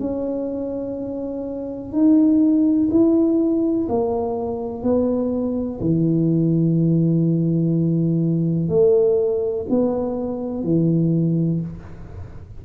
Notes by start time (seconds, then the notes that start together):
0.00 C#4
1.93 D#4
2.91 E4
3.89 A#3
4.83 B3
5.81 E3
8.69 A3
9.70 B3
10.64 E3